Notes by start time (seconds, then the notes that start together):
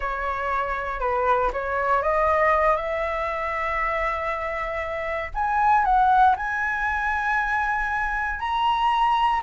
0.00 C#5
1.00 B4
1.52 C#5
2.02 D#5
2.76 E5
5.34 G#5
5.85 F#5
6.36 G#5
8.39 A#5